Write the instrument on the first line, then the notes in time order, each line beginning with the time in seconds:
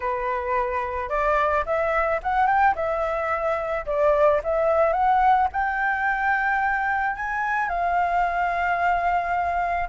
flute
0.00 B4
1.09 D5
1.65 E5
2.22 F#5
2.46 G5
2.75 E5
3.86 D5
4.43 E5
4.92 F#5
5.52 G5
7.16 G#5
7.68 F5